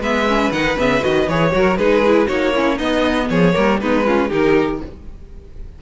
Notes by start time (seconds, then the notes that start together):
0.00 G#3 B3 B4 E5
0.27 C#4
0.51 D#3 D#4 F#5
0.78 C#3 B3 E5
1.00 D#3 F#4 D#5
1.28 E3 G#4 C#5
1.51 F#3 F#4 A#4
1.77 G#3 D#4 G#4 B4
2.06 E4
2.28 A#3 D#4 F#4 C#5
2.54 C#4 E4
2.77 B3 D#4 D#5
3.30 F3 G#4 C#5
3.53 G3 A#3 A#4
3.80 G#3 B3 D#4 B4
4.06 C#4 F4
4.29 D#3 D#4 G4 A#4